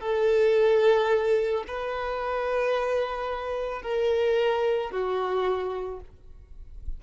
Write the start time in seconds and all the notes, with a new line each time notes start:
0.00 A4
1.67 B4
3.82 A#4
4.91 F#4